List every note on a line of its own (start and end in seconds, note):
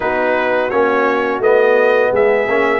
0.00 0.71 B3
0.00 0.70 D#4
0.00 2.12 F#4
0.00 0.70 B4
0.70 1.39 A#3
0.70 1.41 C#4
0.70 1.40 C#5
1.39 2.10 A3
1.39 2.48 B3
1.39 2.12 D#5
2.12 2.47 G#3
2.12 2.80 G#4
2.12 2.80 E5
2.47 2.80 A#3
2.47 2.80 C#4